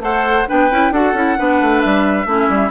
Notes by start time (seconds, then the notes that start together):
0.00 A3 A4 C5 F#5
0.48 B3 D4 B4 G5
0.71 C#4 E4
0.91 D4 F#4 A4 F#5
1.13 C#4 E4
1.37 B3 D4 B4
1.61 A3
1.81 G3 E5
2.26 A3 C#4 E4
2.49 G3